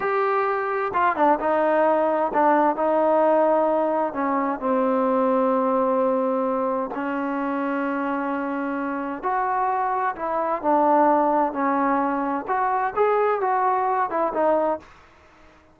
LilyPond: \new Staff \with { instrumentName = "trombone" } { \time 4/4 \tempo 4 = 130 g'2 f'8 d'8 dis'4~ | dis'4 d'4 dis'2~ | dis'4 cis'4 c'2~ | c'2. cis'4~ |
cis'1 | fis'2 e'4 d'4~ | d'4 cis'2 fis'4 | gis'4 fis'4. e'8 dis'4 | }